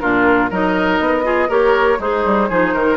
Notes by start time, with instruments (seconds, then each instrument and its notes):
0.00 bassoon A#2, clarinet D4, oboe F4, flute A#4
0.50 bassoon F#3, clarinet D#4, oboe A#4, flute D#5
1.00 bassoon B3
1.24 clarinet F4, oboe G#4
1.49 bassoon A#3, clarinet G4, oboe A#4, flute C#5
1.99 bassoon G#3, oboe D#4, clarinet G#4, flute C5
2.25 bassoon G3
2.49 bassoon F3, clarinet D#4, oboe G#4
2.74 bassoon D#3, oboe A#4